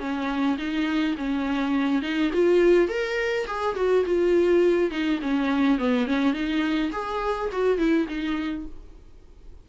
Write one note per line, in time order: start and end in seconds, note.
0.00 0.58 C#4
0.58 1.16 D#4
1.18 2.02 C#4
2.02 2.31 D#4
2.34 2.89 F4
2.89 3.46 A#4
3.47 3.76 G#4
3.76 4.05 F#4
4.06 4.91 F4
4.91 5.20 D#4
5.22 5.79 C#4
5.79 6.07 B3
6.07 6.34 C#4
6.34 6.92 D#4
6.93 7.50 G#4
7.53 7.79 F#4
7.79 8.07 E4
8.08 8.66 D#4